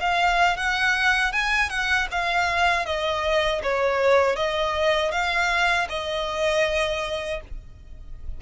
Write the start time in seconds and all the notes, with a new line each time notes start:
0.00 F5
0.57 F#5
1.33 G#5
1.70 F#5
2.11 F5
2.86 D#5
3.63 C#5
4.36 D#5
5.12 F5
5.89 D#5